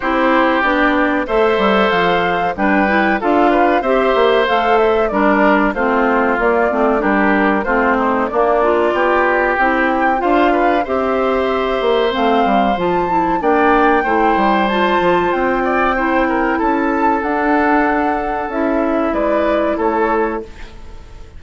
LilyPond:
<<
  \new Staff \with { instrumentName = "flute" } { \time 4/4 \tempo 4 = 94 c''4 d''4 e''4 f''4 | g''4 f''4 e''4 f''8 e''8 | d''4 c''4 d''4 ais'4 | c''4 d''2 g''4 |
f''4 e''2 f''4 | a''4 g''2 a''4 | g''2 a''4 fis''4~ | fis''4 e''4 d''4 cis''4 | }
  \new Staff \with { instrumentName = "oboe" } { \time 4/4 g'2 c''2 | b'4 a'8 b'8 c''2 | ais'4 f'2 g'4 | f'8 dis'8 d'4 g'2 |
c''8 b'8 c''2.~ | c''4 d''4 c''2~ | c''8 d''8 c''8 ais'8 a'2~ | a'2 b'4 a'4 | }
  \new Staff \with { instrumentName = "clarinet" } { \time 4/4 e'4 d'4 a'2 | d'8 e'8 f'4 g'4 a'4 | d'4 c'4 ais8 c'8 d'4 | c'4 ais8 f'4. e'4 |
f'4 g'2 c'4 | f'8 e'8 d'4 e'4 f'4~ | f'4 e'2 d'4~ | d'4 e'2. | }
  \new Staff \with { instrumentName = "bassoon" } { \time 4/4 c'4 b4 a8 g8 f4 | g4 d'4 c'8 ais8 a4 | g4 a4 ais8 a8 g4 | a4 ais4 b4 c'4 |
d'4 c'4. ais8 a8 g8 | f4 ais4 a8 g4 f8 | c'2 cis'4 d'4~ | d'4 cis'4 gis4 a4 | }
>>